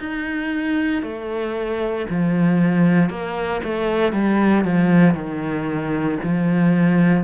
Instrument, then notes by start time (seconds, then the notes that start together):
cello
0.00 D#4
1.03 A3
2.10 F3
3.10 A#3
3.64 A3
4.13 G3
4.65 F3
5.15 D#3
6.24 F3